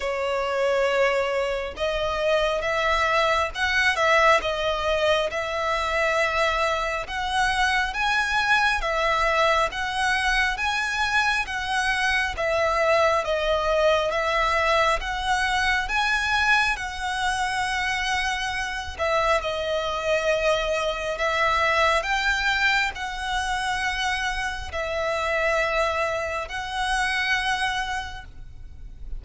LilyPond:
\new Staff \with { instrumentName = "violin" } { \time 4/4 \tempo 4 = 68 cis''2 dis''4 e''4 | fis''8 e''8 dis''4 e''2 | fis''4 gis''4 e''4 fis''4 | gis''4 fis''4 e''4 dis''4 |
e''4 fis''4 gis''4 fis''4~ | fis''4. e''8 dis''2 | e''4 g''4 fis''2 | e''2 fis''2 | }